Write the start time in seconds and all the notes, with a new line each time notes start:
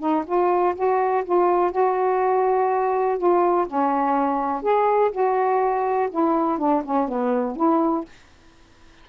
0.00 D#4
0.27 F4
0.76 F#4
1.25 F4
1.72 F#4
3.18 F4
3.67 C#4
4.63 G#4
5.12 F#4
6.11 E4
6.59 D4
6.85 C#4
7.09 B3
7.57 E4